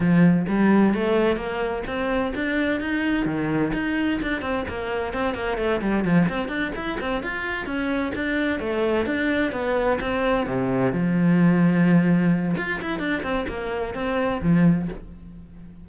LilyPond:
\new Staff \with { instrumentName = "cello" } { \time 4/4 \tempo 4 = 129 f4 g4 a4 ais4 | c'4 d'4 dis'4 dis4 | dis'4 d'8 c'8 ais4 c'8 ais8 | a8 g8 f8 c'8 d'8 e'8 c'8 f'8~ |
f'8 cis'4 d'4 a4 d'8~ | d'8 b4 c'4 c4 f8~ | f2. f'8 e'8 | d'8 c'8 ais4 c'4 f4 | }